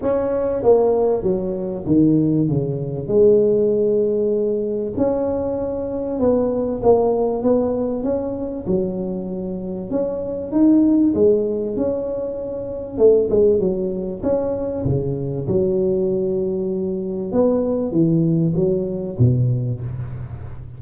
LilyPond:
\new Staff \with { instrumentName = "tuba" } { \time 4/4 \tempo 4 = 97 cis'4 ais4 fis4 dis4 | cis4 gis2. | cis'2 b4 ais4 | b4 cis'4 fis2 |
cis'4 dis'4 gis4 cis'4~ | cis'4 a8 gis8 fis4 cis'4 | cis4 fis2. | b4 e4 fis4 b,4 | }